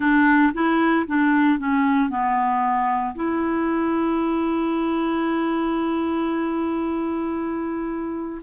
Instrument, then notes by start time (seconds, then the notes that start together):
clarinet
0.00 D4
0.53 E4
1.07 D4
1.58 C#4
2.09 B3
3.15 E4